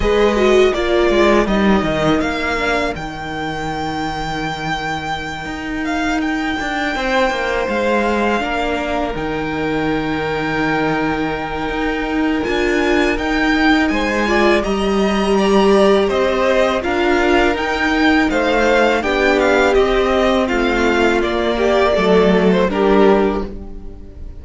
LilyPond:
<<
  \new Staff \with { instrumentName = "violin" } { \time 4/4 \tempo 4 = 82 dis''4 d''4 dis''4 f''4 | g''1 | f''8 g''2 f''4.~ | f''8 g''2.~ g''8~ |
g''4 gis''4 g''4 gis''4 | ais''2 dis''4 f''4 | g''4 f''4 g''8 f''8 dis''4 | f''4 d''4.~ d''16 c''16 ais'4 | }
  \new Staff \with { instrumentName = "violin" } { \time 4/4 b'4 ais'2.~ | ais'1~ | ais'4. c''2 ais'8~ | ais'1~ |
ais'2. c''8 d''8 | dis''4 d''4 c''4 ais'4~ | ais'4 c''4 g'2 | f'4. g'8 a'4 g'4 | }
  \new Staff \with { instrumentName = "viola" } { \time 4/4 gis'8 fis'8 f'4 dis'4. d'8 | dis'1~ | dis'2.~ dis'8 d'8~ | d'8 dis'2.~ dis'8~ |
dis'4 f'4 dis'4. f'8 | g'2. f'4 | dis'2 d'4 c'4~ | c'4 ais4 a4 d'4 | }
  \new Staff \with { instrumentName = "cello" } { \time 4/4 gis4 ais8 gis8 g8 dis8 ais4 | dis2.~ dis8 dis'8~ | dis'4 d'8 c'8 ais8 gis4 ais8~ | ais8 dis2.~ dis8 |
dis'4 d'4 dis'4 gis4 | g2 c'4 d'4 | dis'4 a4 b4 c'4 | a4 ais4 fis4 g4 | }
>>